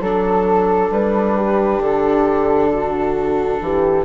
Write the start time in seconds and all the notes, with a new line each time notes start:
0.00 F#3 D4 A4
0.90 G3 B4
1.36 G4
1.79 D3 A4
2.72 F#4
3.61 E3 G4